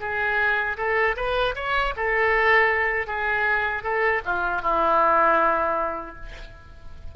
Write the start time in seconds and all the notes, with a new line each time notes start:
0.00 G#4
0.77 A4
1.16 B4
1.55 C#5
1.96 A4
3.07 G#4
3.83 A4
4.25 F4
4.62 E4